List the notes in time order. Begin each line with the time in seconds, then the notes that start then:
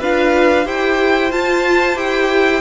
0.00 D4 F4 B4 F5
0.65 E4 G4 C5 G5
1.30 F4 A5
1.95 E4 G4 G5